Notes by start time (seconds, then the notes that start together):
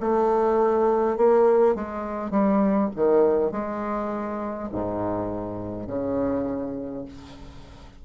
0.00 A3
1.17 A#3
1.75 G#3
2.30 G3
2.95 D#3
3.51 G#3
4.72 G#2
5.87 C#3